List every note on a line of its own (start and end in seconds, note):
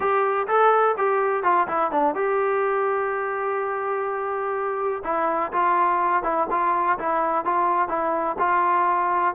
0.00 0.47 G4
0.47 0.95 A4
0.97 1.43 G4
1.43 1.67 F4
1.67 1.91 E4
1.91 2.14 D4
2.14 5.02 G4
5.04 5.52 E4
5.52 6.23 F4
6.23 6.47 E4
6.50 6.98 F4
6.98 7.44 E4
7.44 7.88 F4
7.88 8.36 E4
8.38 9.34 F4